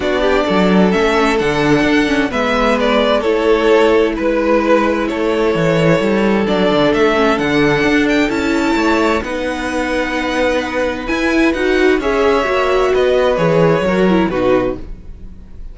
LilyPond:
<<
  \new Staff \with { instrumentName = "violin" } { \time 4/4 \tempo 4 = 130 d''2 e''4 fis''4~ | fis''4 e''4 d''4 cis''4~ | cis''4 b'2 cis''4~ | cis''2 d''4 e''4 |
fis''4. g''8 a''2 | fis''1 | gis''4 fis''4 e''2 | dis''4 cis''2 b'4 | }
  \new Staff \with { instrumentName = "violin" } { \time 4/4 fis'8 g'8 a'2.~ | a'4 b'2 a'4~ | a'4 b'2 a'4~ | a'1~ |
a'2. cis''4 | b'1~ | b'2 cis''2 | b'2 ais'4 fis'4 | }
  \new Staff \with { instrumentName = "viola" } { \time 4/4 d'2 cis'4 d'4~ | d'8 cis'8 b2 e'4~ | e'1~ | e'2 d'4. cis'8 |
d'2 e'2 | dis'1 | e'4 fis'4 gis'4 fis'4~ | fis'4 gis'4 fis'8 e'8 dis'4 | }
  \new Staff \with { instrumentName = "cello" } { \time 4/4 b4 fis4 a4 d4 | d'4 gis2 a4~ | a4 gis2 a4 | e4 g4 fis8 d8 a4 |
d4 d'4 cis'4 a4 | b1 | e'4 dis'4 cis'4 ais4 | b4 e4 fis4 b,4 | }
>>